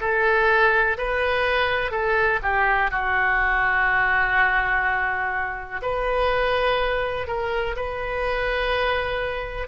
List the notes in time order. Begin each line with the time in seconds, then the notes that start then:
0.00 A4
0.97 B4
1.91 A4
2.42 G4
2.91 F#4
5.82 B4
7.27 A#4
7.76 B4